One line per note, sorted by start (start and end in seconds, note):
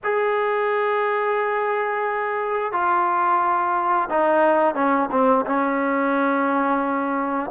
0.03 2.72 G#4
2.72 4.08 F4
4.09 4.74 D#4
4.74 5.09 C#4
5.11 5.45 C4
5.45 7.50 C#4